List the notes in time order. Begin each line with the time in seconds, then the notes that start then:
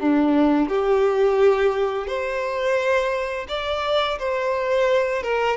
0.00 D4
0.68 G4
2.07 C5
3.49 D5
4.19 C5
5.23 A#4